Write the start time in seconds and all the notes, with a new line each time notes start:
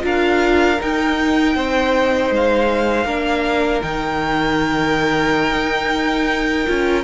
0.00 D4 F4 A#4 F5
0.80 D#4 G5
1.55 C4 C5
2.30 G#3 F5
3.05 A#3 D4 A#4
3.82 D#3 D#4 G5
5.52 D#4
6.66 C#4 F4